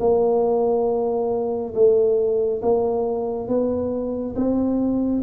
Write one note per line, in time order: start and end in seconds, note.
0.00 1.74 A#3
1.74 2.61 A3
2.62 3.48 A#3
3.48 4.35 B3
4.36 5.23 C4